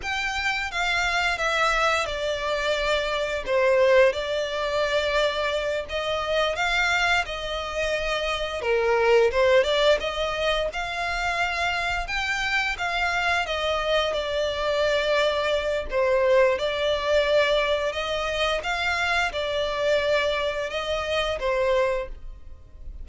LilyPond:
\new Staff \with { instrumentName = "violin" } { \time 4/4 \tempo 4 = 87 g''4 f''4 e''4 d''4~ | d''4 c''4 d''2~ | d''8 dis''4 f''4 dis''4.~ | dis''8 ais'4 c''8 d''8 dis''4 f''8~ |
f''4. g''4 f''4 dis''8~ | dis''8 d''2~ d''8 c''4 | d''2 dis''4 f''4 | d''2 dis''4 c''4 | }